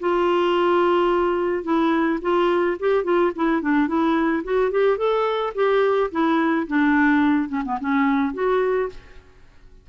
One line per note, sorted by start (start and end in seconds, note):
0.00 1.63 F4
1.63 2.19 E4
2.22 2.77 F4
2.80 3.04 G4
3.04 3.32 F4
3.35 3.62 E4
3.62 3.87 D4
3.87 4.43 E4
4.44 4.71 F#4
4.71 4.97 G4
4.97 5.53 A4
5.55 6.10 G4
6.11 6.67 E4
6.67 7.49 D4
7.49 7.63 C#4
7.65 7.79 B3
7.80 8.34 C#4
8.34 8.89 F#4